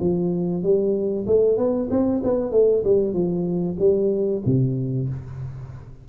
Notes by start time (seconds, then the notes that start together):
0.00 F3
0.63 G3
1.26 A3
1.57 B3
1.90 C4
2.23 B3
2.51 A3
2.84 G3
3.13 F3
3.79 G3
4.45 C3